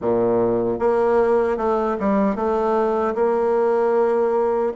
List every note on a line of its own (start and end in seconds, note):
0.01 0.79 A#2
0.79 1.57 A#3
1.57 1.96 A3
1.99 2.35 G3
2.35 3.14 A3
3.14 4.72 A#3